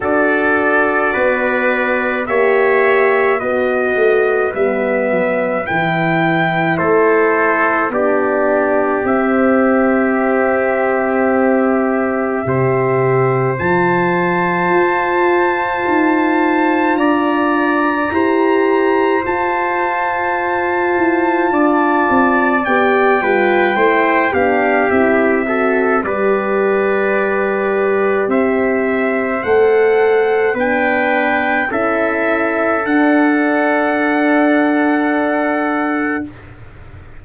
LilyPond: <<
  \new Staff \with { instrumentName = "trumpet" } { \time 4/4 \tempo 4 = 53 d''2 e''4 dis''4 | e''4 g''4 c''4 d''4 | e''1 | a''2. ais''4~ |
ais''4 a''2. | g''4. f''8 e''4 d''4~ | d''4 e''4 fis''4 g''4 | e''4 fis''2. | }
  \new Staff \with { instrumentName = "trumpet" } { \time 4/4 a'4 b'4 cis''4 b'4~ | b'2 a'4 g'4~ | g'2. c''4~ | c''2. d''4 |
c''2. d''4~ | d''8 b'8 c''8 g'4 a'8 b'4~ | b'4 c''2 b'4 | a'1 | }
  \new Staff \with { instrumentName = "horn" } { \time 4/4 fis'2 g'4 fis'4 | b4 e'2 d'4 | c'2. g'4 | f'1 |
g'4 f'2. | g'8 f'8 e'8 d'8 e'8 fis'8 g'4~ | g'2 a'4 d'4 | e'4 d'2. | }
  \new Staff \with { instrumentName = "tuba" } { \time 4/4 d'4 b4 ais4 b8 a8 | g8 fis8 e4 a4 b4 | c'2. c4 | f4 f'4 dis'4 d'4 |
e'4 f'4. e'8 d'8 c'8 | b8 g8 a8 b8 c'4 g4~ | g4 c'4 a4 b4 | cis'4 d'2. | }
>>